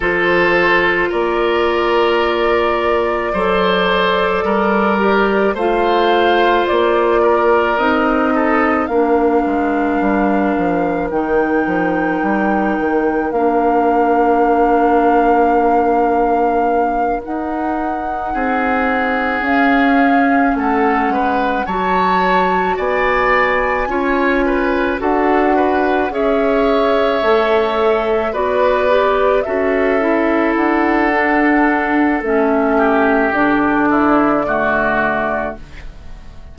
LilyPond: <<
  \new Staff \with { instrumentName = "flute" } { \time 4/4 \tempo 4 = 54 c''4 d''2.~ | d''4 f''4 d''4 dis''4 | f''2 g''2 | f''2.~ f''8 fis''8~ |
fis''4. f''4 fis''4 a''8~ | a''8 gis''2 fis''4 e''8~ | e''4. d''4 e''4 fis''8~ | fis''4 e''4 d''2 | }
  \new Staff \with { instrumentName = "oboe" } { \time 4/4 a'4 ais'2 c''4 | ais'4 c''4. ais'4 a'8 | ais'1~ | ais'1~ |
ais'8 gis'2 a'8 b'8 cis''8~ | cis''8 d''4 cis''8 b'8 a'8 b'8 cis''8~ | cis''4. b'4 a'4.~ | a'4. g'4 e'8 fis'4 | }
  \new Staff \with { instrumentName = "clarinet" } { \time 4/4 f'2. a'4~ | a'8 g'8 f'2 dis'4 | d'2 dis'2 | d'2.~ d'8 dis'8~ |
dis'4. cis'2 fis'8~ | fis'4. f'4 fis'4 gis'8~ | gis'8 a'4 fis'8 g'8 fis'8 e'4 | d'4 cis'4 d'4 a4 | }
  \new Staff \with { instrumentName = "bassoon" } { \time 4/4 f4 ais2 fis4 | g4 a4 ais4 c'4 | ais8 gis8 g8 f8 dis8 f8 g8 dis8 | ais2.~ ais8 dis'8~ |
dis'8 c'4 cis'4 a8 gis8 fis8~ | fis8 b4 cis'4 d'4 cis'8~ | cis'8 a4 b4 cis'4 d'8~ | d'4 a4 d2 | }
>>